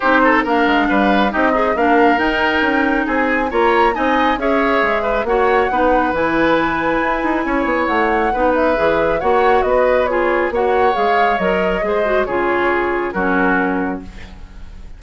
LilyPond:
<<
  \new Staff \with { instrumentName = "flute" } { \time 4/4 \tempo 4 = 137 c''4 f''2 dis''4 | f''4 g''2 gis''4 | ais''4 gis''4 e''2 | fis''2 gis''2~ |
gis''2 fis''4. e''8~ | e''4 fis''4 dis''4 cis''4 | fis''4 f''4 dis''2 | cis''2 ais'2 | }
  \new Staff \with { instrumentName = "oboe" } { \time 4/4 g'8 a'8 ais'4 b'4 g'8 dis'8 | ais'2. gis'4 | cis''4 dis''4 cis''4. b'8 | cis''4 b'2.~ |
b'4 cis''2 b'4~ | b'4 cis''4 b'4 gis'4 | cis''2. c''4 | gis'2 fis'2 | }
  \new Staff \with { instrumentName = "clarinet" } { \time 4/4 dis'4 d'2 dis'8 gis'8 | d'4 dis'2. | f'4 dis'4 gis'2 | fis'4 dis'4 e'2~ |
e'2. dis'4 | gis'4 fis'2 f'4 | fis'4 gis'4 ais'4 gis'8 fis'8 | f'2 cis'2 | }
  \new Staff \with { instrumentName = "bassoon" } { \time 4/4 c'4 ais8 gis8 g4 c'4 | ais4 dis'4 cis'4 c'4 | ais4 c'4 cis'4 gis4 | ais4 b4 e2 |
e'8 dis'8 cis'8 b8 a4 b4 | e4 ais4 b2 | ais4 gis4 fis4 gis4 | cis2 fis2 | }
>>